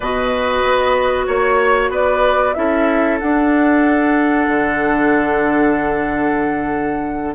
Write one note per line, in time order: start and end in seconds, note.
0.00 0.63 B2
0.00 2.55 F#4
0.00 1.26 B4
0.00 1.26 D#5
0.63 1.27 B3
1.27 1.89 A#3
1.27 1.90 C#5
1.27 1.92 C#5
1.89 2.53 B3
1.89 2.54 B4
1.89 2.54 D5
2.54 3.21 C#4
2.54 3.19 E4
2.54 7.35 A4
2.54 3.17 E5
3.19 7.35 D4
3.19 4.47 D4
3.19 7.34 F#5
4.47 7.35 D3